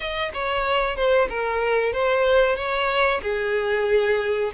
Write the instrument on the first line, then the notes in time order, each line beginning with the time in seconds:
violin
0.00 D#5
0.33 C#5
0.95 C5
1.29 A#4
1.92 C5
2.56 C#5
3.22 G#4